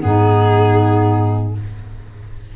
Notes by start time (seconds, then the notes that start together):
0.00 G#2 B3 D#4 G#4